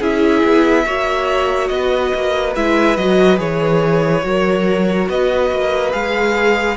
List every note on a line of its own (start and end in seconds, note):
0.00 0.43 C#4
0.00 0.86 E4
0.00 0.85 G#4
0.00 1.68 E5
0.43 0.86 B3
0.86 1.70 A#3
0.86 2.55 F#4
0.86 1.71 C#5
1.68 2.12 B3
1.68 2.53 D#5
1.75 4.26 B4
2.15 2.56 A#3
2.56 2.98 G#3
2.56 2.98 E4
2.56 2.97 E5
2.97 3.40 F#3
2.97 3.37 F#4
2.97 3.39 D#5
3.37 4.24 E3
3.37 4.21 G#4
3.37 5.09 C#5
4.23 5.09 F#3
4.23 5.92 F#4
4.23 5.10 A#4
5.09 5.51 B3
5.09 6.77 B4
5.09 5.93 D#5
5.51 5.94 A#3
5.92 6.77 G#3
5.92 6.76 G#4
5.92 6.77 F5